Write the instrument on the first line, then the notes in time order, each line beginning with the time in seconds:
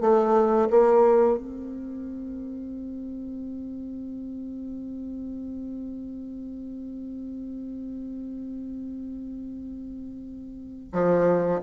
bassoon
0.00 A3
0.70 A#3
1.38 C4
10.92 F3